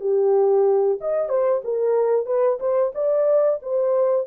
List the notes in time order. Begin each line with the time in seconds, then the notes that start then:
0.00 G4
1.00 D#5
1.29 C5
1.64 A#4
2.26 B4
2.59 C5
2.94 D5
3.62 C5